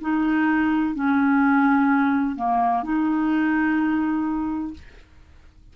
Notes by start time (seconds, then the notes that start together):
0.00 D#4
0.94 C#4
2.35 A#3
2.83 D#4